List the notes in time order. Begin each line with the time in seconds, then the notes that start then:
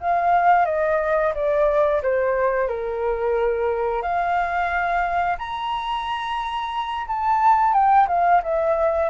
0.00 F5
0.65 D#5
1.34 D5
2.02 C5
2.68 A#4
4.02 F5
5.38 A#5
7.07 A5
7.73 G5
8.08 F5
8.43 E5